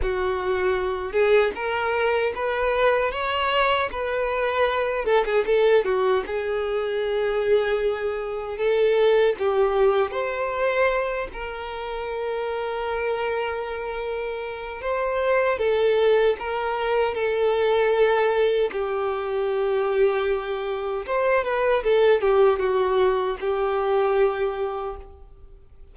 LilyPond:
\new Staff \with { instrumentName = "violin" } { \time 4/4 \tempo 4 = 77 fis'4. gis'8 ais'4 b'4 | cis''4 b'4. a'16 gis'16 a'8 fis'8 | gis'2. a'4 | g'4 c''4. ais'4.~ |
ais'2. c''4 | a'4 ais'4 a'2 | g'2. c''8 b'8 | a'8 g'8 fis'4 g'2 | }